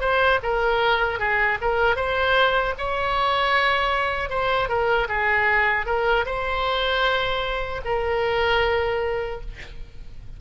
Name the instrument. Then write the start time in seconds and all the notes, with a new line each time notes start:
oboe
0.00 C5
0.43 A#4
1.19 G#4
1.61 A#4
1.96 C5
2.78 C#5
4.29 C5
4.68 A#4
5.08 G#4
5.86 A#4
6.25 C5
7.85 A#4